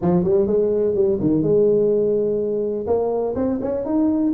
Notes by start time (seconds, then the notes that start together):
0.01 F3
0.23 G3
0.46 G#3
0.94 G3
1.20 D#3
1.42 G#3
2.86 A#3
3.35 C4
3.61 C#4
3.85 D#4